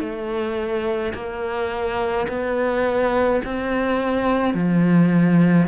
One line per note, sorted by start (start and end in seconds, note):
0.00 1.13 A3
1.14 2.27 A#3
2.28 3.41 B3
3.45 4.54 C4
4.54 5.67 F3